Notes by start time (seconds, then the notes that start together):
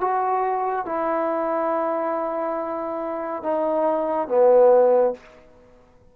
0.00 F#4
0.85 E4
3.42 D#4
4.28 B3